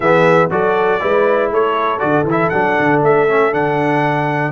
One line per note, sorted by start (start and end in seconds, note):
0.00 0.49 E3
0.00 0.50 B3
0.00 0.49 G#4
0.00 0.49 E5
0.50 1.01 F#3
0.50 1.00 F#4
0.50 1.01 A4
0.50 1.51 D5
1.00 1.51 G#3
1.00 1.98 E4
1.00 1.51 B4
1.51 2.01 A3
1.51 4.51 A4
1.51 1.99 C#5
1.98 2.23 D3
1.98 2.24 F#4
1.98 2.24 D5
2.23 2.49 E3
2.30 2.52 E4
2.30 2.49 E5
2.49 2.77 F#3
2.49 3.28 D4
2.49 2.99 F#5
2.78 3.02 D3
3.02 3.53 A3
3.02 3.53 E5
3.28 3.51 C#4
3.51 4.51 D3
3.51 4.51 D4
3.51 4.51 F#5